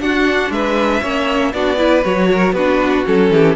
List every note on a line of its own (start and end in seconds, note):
0.00 0.50 D4
0.00 1.02 D4
0.00 0.53 F#4
0.00 0.52 F#5
0.50 1.01 G#3
0.50 1.02 B4
0.50 1.53 E5
1.02 1.53 A#3
1.02 1.53 C#4
1.02 1.53 C#5
1.53 2.04 B3
1.53 1.78 D4
1.53 1.78 F#4
1.53 2.04 D5
1.78 2.03 E4
1.78 2.29 B4
2.04 2.53 F#3
2.04 2.55 F#4
2.04 2.54 C#5
2.32 2.55 A#4
2.53 3.03 B3
2.53 3.05 D4
2.53 3.31 F#4
2.53 3.05 B4
3.05 3.31 F#3
3.05 3.56 C#4
3.05 3.56 A4
3.31 3.56 E3
3.31 3.56 G4